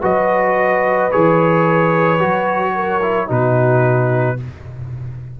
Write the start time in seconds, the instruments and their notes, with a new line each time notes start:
0.00 tuba F#3, trombone F#4, horn B4, trumpet D#5
1.11 tuba E3, trombone G#4, trumpet C#5
2.19 tuba F#3, trombone F#4
2.75 horn A#4
3.02 trombone E4
3.27 tuba B2, trombone D#4, horn F#4, trumpet B4